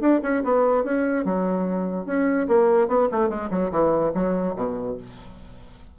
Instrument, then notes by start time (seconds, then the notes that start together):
bassoon
0.00 D4
0.22 C#4
0.43 B3
0.83 C#4
1.24 F#3
2.05 C#4
2.48 A#3
2.87 B3
3.11 A3
3.29 G#3
3.50 F#3
3.71 E3
4.14 F#3
4.56 B2